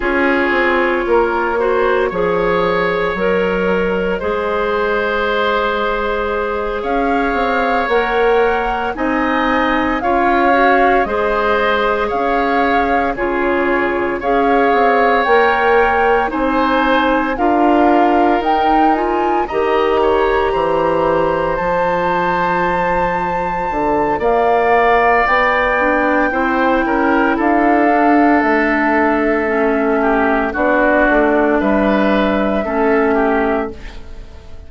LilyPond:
<<
  \new Staff \with { instrumentName = "flute" } { \time 4/4 \tempo 4 = 57 cis''2. dis''4~ | dis''2~ dis''8 f''4 fis''8~ | fis''8 gis''4 f''4 dis''4 f''8~ | f''8 cis''4 f''4 g''4 gis''8~ |
gis''8 f''4 g''8 gis''8 ais''4.~ | ais''8 a''2~ a''8 f''4 | g''2 f''4 e''4~ | e''4 d''4 e''2 | }
  \new Staff \with { instrumentName = "oboe" } { \time 4/4 gis'4 ais'8 c''8 cis''2 | c''2~ c''8 cis''4.~ | cis''8 dis''4 cis''4 c''4 cis''8~ | cis''8 gis'4 cis''2 c''8~ |
c''8 ais'2 dis''8 cis''8 c''8~ | c''2. d''4~ | d''4 c''8 ais'8 a'2~ | a'8 g'8 fis'4 b'4 a'8 g'8 | }
  \new Staff \with { instrumentName = "clarinet" } { \time 4/4 f'4. fis'8 gis'4 ais'4 | gis'2.~ gis'8 ais'8~ | ais'8 dis'4 f'8 fis'8 gis'4.~ | gis'8 f'4 gis'4 ais'4 dis'8~ |
dis'8 f'4 dis'8 f'8 g'4.~ | g'8 f'2.~ f'8~ | f'8 d'8 e'4. d'4. | cis'4 d'2 cis'4 | }
  \new Staff \with { instrumentName = "bassoon" } { \time 4/4 cis'8 c'8 ais4 f4 fis4 | gis2~ gis8 cis'8 c'8 ais8~ | ais8 c'4 cis'4 gis4 cis'8~ | cis'8 cis4 cis'8 c'8 ais4 c'8~ |
c'8 d'4 dis'4 dis4 e8~ | e8 f2 d8 ais4 | b4 c'8 cis'8 d'4 a4~ | a4 b8 a8 g4 a4 | }
>>